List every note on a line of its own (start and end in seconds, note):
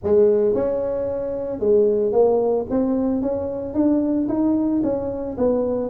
0.03 0.54 G#3
0.54 1.59 C#4
1.59 2.12 G#3
2.12 2.66 A#3
2.70 3.21 C4
3.21 3.74 C#4
3.74 4.27 D4
4.28 4.81 D#4
4.83 5.36 C#4
5.37 5.90 B3